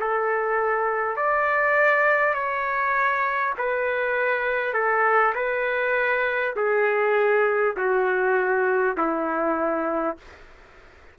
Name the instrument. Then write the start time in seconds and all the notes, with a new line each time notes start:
trumpet
0.00 A4
1.17 D5
2.35 C#5
3.58 B4
4.74 A4
5.35 B4
6.56 G#4
7.77 F#4
8.97 E4